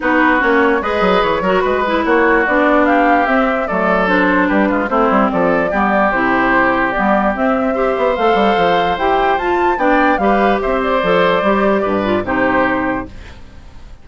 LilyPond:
<<
  \new Staff \with { instrumentName = "flute" } { \time 4/4 \tempo 4 = 147 b'4 cis''4 dis''4 cis''4 | b'4 cis''4 d''4 f''4 | e''4 d''4 c''4 b'4 | c''4 d''2 c''4~ |
c''4 d''4 e''2 | f''2 g''4 a''4 | g''4 f''4 e''8 d''4.~ | d''2 c''2 | }
  \new Staff \with { instrumentName = "oboe" } { \time 4/4 fis'2 b'4. ais'8 | b'4 fis'2 g'4~ | g'4 a'2 g'8 f'8 | e'4 a'4 g'2~ |
g'2. c''4~ | c''1 | d''4 b'4 c''2~ | c''4 b'4 g'2 | }
  \new Staff \with { instrumentName = "clarinet" } { \time 4/4 dis'4 cis'4 gis'4. fis'8~ | fis'8 e'4. d'2 | c'4 a4 d'2 | c'2 b4 e'4~ |
e'4 b4 c'4 g'4 | a'2 g'4 f'4 | d'4 g'2 a'4 | g'4. f'8 dis'2 | }
  \new Staff \with { instrumentName = "bassoon" } { \time 4/4 b4 ais4 gis8 fis8 e8 fis8 | gis4 ais4 b2 | c'4 fis2 g8 gis8 | a8 g8 f4 g4 c4~ |
c4 g4 c'4. b8 | a8 g8 f4 e'4 f'4 | b4 g4 c'4 f4 | g4 g,4 c2 | }
>>